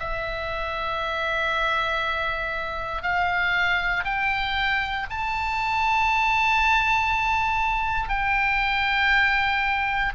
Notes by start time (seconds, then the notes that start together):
0.00 E5
3.03 F5
4.05 G5
5.10 A5
8.09 G5